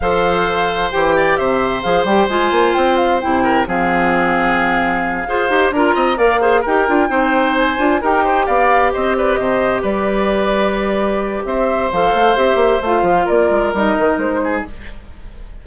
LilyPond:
<<
  \new Staff \with { instrumentName = "flute" } { \time 4/4 \tempo 4 = 131 f''2 g''4 e''4 | f''8 g''8 gis''4 g''8 f''8 g''4 | f''1~ | f''8 ais''4 f''4 g''4.~ |
g''8 gis''4 g''4 f''4 dis''8 | d''8 dis''4 d''2~ d''8~ | d''4 e''4 f''4 e''4 | f''4 d''4 dis''4 c''4 | }
  \new Staff \with { instrumentName = "oboe" } { \time 4/4 c''2~ c''8 d''8 c''4~ | c''2.~ c''8 ais'8 | gis'2.~ gis'8 c''8~ | c''8 ais'8 dis''8 d''8 c''8 ais'4 c''8~ |
c''4. ais'8 c''8 d''4 c''8 | b'8 c''4 b'2~ b'8~ | b'4 c''2.~ | c''4 ais'2~ ais'8 gis'8 | }
  \new Staff \with { instrumentName = "clarinet" } { \time 4/4 a'2 g'2 | gis'8 g'8 f'2 e'4 | c'2.~ c'8 gis'8 | g'8 f'4 ais'8 gis'8 g'8 f'8 dis'8~ |
dis'4 f'8 g'2~ g'8~ | g'1~ | g'2 a'4 g'4 | f'2 dis'2 | }
  \new Staff \with { instrumentName = "bassoon" } { \time 4/4 f2 e4 c4 | f8 g8 gis8 ais8 c'4 c4 | f2.~ f8 f'8 | dis'8 d'8 c'8 ais4 dis'8 d'8 c'8~ |
c'4 d'8 dis'4 b4 c'8~ | c'8 c4 g2~ g8~ | g4 c'4 f8 a8 c'8 ais8 | a8 f8 ais8 gis8 g8 dis8 gis4 | }
>>